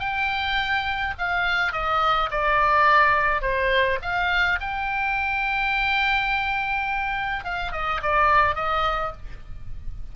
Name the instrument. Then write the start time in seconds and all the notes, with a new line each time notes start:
oboe
0.00 G5
1.19 F5
1.73 D#5
2.31 D5
3.42 C5
4.02 F5
4.61 G5
7.45 F5
7.72 D#5
8.03 D5
8.56 D#5